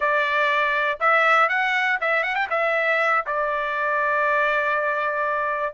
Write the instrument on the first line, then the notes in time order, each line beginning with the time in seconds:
trumpet
0.00 D5
1.00 E5
1.48 F#5
2.00 E5
2.23 F#5
2.35 G5
2.50 E5
3.26 D5